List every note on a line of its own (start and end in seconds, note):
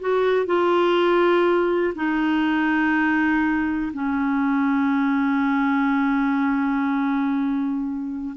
0.00 0.46 F#4
0.46 1.94 F4
1.95 3.92 D#4
3.93 8.36 C#4